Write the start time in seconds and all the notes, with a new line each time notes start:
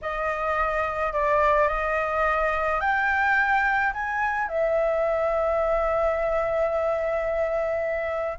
0.01 D#5
1.12 D5
1.68 D#5
2.80 G5
3.93 G#5
4.48 E5